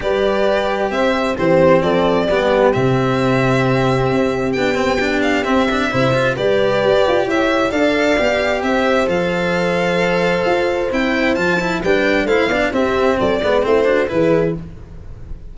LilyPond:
<<
  \new Staff \with { instrumentName = "violin" } { \time 4/4 \tempo 4 = 132 d''2 e''4 c''4 | d''2 e''2~ | e''2 g''4. f''8 | e''2 d''2 |
e''4 f''2 e''4 | f''1 | g''4 a''4 g''4 f''4 | e''4 d''4 c''4 b'4 | }
  \new Staff \with { instrumentName = "horn" } { \time 4/4 b'2 c''4 g'4 | a'4 g'2.~ | g'1~ | g'4 c''4 b'2 |
cis''4 d''2 c''4~ | c''1~ | c''2 b'4 c''8 d''8 | g'4 a'8 b'8 e'8 fis'8 gis'4 | }
  \new Staff \with { instrumentName = "cello" } { \time 4/4 g'2. c'4~ | c'4 b4 c'2~ | c'2 d'8 c'8 d'4 | c'8 d'8 e'8 f'8 g'2~ |
g'4 a'4 g'2 | a'1 | e'4 f'8 e'8 d'4 e'8 d'8 | c'4. b8 c'8 d'8 e'4 | }
  \new Staff \with { instrumentName = "tuba" } { \time 4/4 g2 c'4 e4 | f4 g4 c2~ | c4 c'4 b2 | c'4 c4 g4 g'8 f'8 |
e'4 d'4 b4 c'4 | f2. f'4 | c'4 f4 g4 a8 b8 | c'4 fis8 gis8 a4 e4 | }
>>